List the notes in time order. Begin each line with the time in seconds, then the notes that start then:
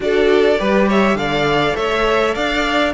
0.00 D4 F#4 A4 D5
0.59 G3 G4 B4
0.87 C#5 E5
1.14 D3 A4 D5 F5
1.76 A3 C#5 E5
2.34 D4 D5 F5